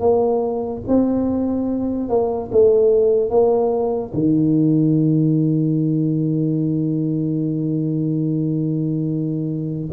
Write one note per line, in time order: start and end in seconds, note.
0.00 0.82 A#3
0.87 2.09 C4
2.09 2.50 A#3
2.51 3.30 A3
3.30 4.12 A#3
4.14 9.89 D#3